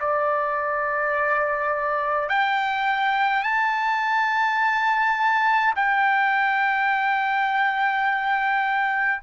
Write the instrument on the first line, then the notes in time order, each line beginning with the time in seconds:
trumpet
0.00 D5
2.29 G5
3.43 A5
5.75 G5